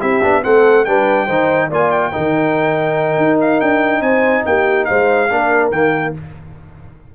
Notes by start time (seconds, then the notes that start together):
0.00 C4 E4 G4 E5
0.22 B3 D4
0.43 A3 C4 A4 F#5
0.85 G3 D4 B4 G5
1.26 D#3 D#4 C5
1.69 A#3 F4 D5 G#5
1.91 G5
2.12 D#3 D#4 A#4
3.17 D#4
3.40 F5
3.60 D4 G5
4.00 C4 C5 G#5
4.46 A#3 G4 G5
4.84 G#3 C5 F5
5.30 A#3 D4 A#4
5.71 D#3 A#3 G5